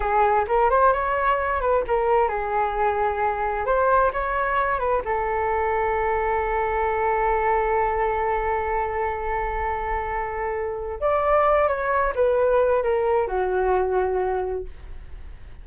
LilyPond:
\new Staff \with { instrumentName = "flute" } { \time 4/4 \tempo 4 = 131 gis'4 ais'8 c''8 cis''4. b'8 | ais'4 gis'2. | c''4 cis''4. b'8 a'4~ | a'1~ |
a'1~ | a'1 | d''4. cis''4 b'4. | ais'4 fis'2. | }